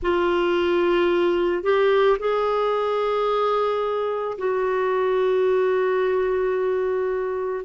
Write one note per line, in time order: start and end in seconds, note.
0.02 1.63 F4
1.63 2.17 G4
2.19 4.37 G#4
4.38 7.65 F#4